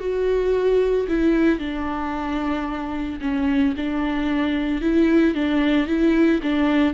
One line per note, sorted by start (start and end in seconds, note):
0.00 1.07 F#4
1.08 1.59 E4
1.59 3.20 D4
3.21 3.75 C#4
3.77 4.81 D4
4.81 5.35 E4
5.35 5.87 D4
5.87 6.41 E4
6.43 6.94 D4